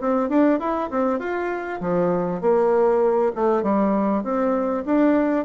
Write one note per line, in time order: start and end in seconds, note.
0.00 0.29 C4
0.29 0.59 D4
0.59 0.90 E4
0.90 1.19 C4
1.19 1.80 F4
1.80 2.40 F3
2.40 3.31 A#3
3.35 3.63 A3
3.63 4.23 G3
4.23 4.84 C4
4.85 5.45 D4